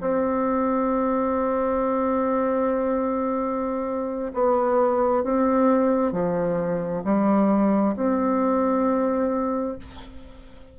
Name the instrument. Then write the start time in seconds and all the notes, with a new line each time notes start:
bassoon
0.00 C4
4.33 B3
5.24 C4
6.12 F3
7.04 G3
7.96 C4